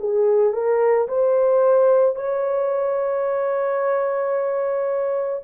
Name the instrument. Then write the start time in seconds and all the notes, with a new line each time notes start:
horn
0.00 G#4
0.54 A#4
1.09 C5
2.16 C#5